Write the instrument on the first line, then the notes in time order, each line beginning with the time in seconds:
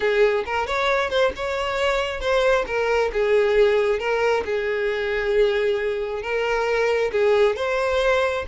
violin
0.00 G#4
0.45 A#4
0.66 C#5
1.10 C5
1.36 C#5
2.20 C5
2.66 A#4
3.12 G#4
3.99 A#4
4.45 G#4
6.22 A#4
7.12 G#4
7.56 C5